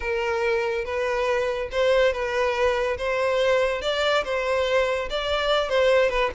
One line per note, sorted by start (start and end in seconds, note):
0.00 0.84 A#4
0.84 1.69 B4
1.71 2.12 C5
2.12 2.97 B4
2.97 3.81 C5
3.81 4.23 D5
4.24 5.08 C5
5.09 5.69 D5
5.69 6.09 C5
6.09 6.30 B4